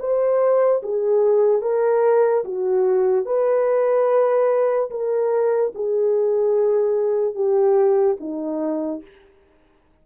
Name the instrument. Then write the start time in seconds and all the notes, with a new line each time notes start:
horn
0.00 C5
0.83 G#4
1.62 A#4
2.45 F#4
3.26 B4
4.91 A#4
5.75 G#4
7.35 G4
8.20 D#4